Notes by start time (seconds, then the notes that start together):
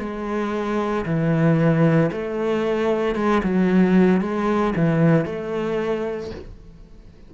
0.00 G#3
1.06 E3
2.12 A3
3.16 G#3
3.44 F#3
4.22 G#3
4.76 E3
5.26 A3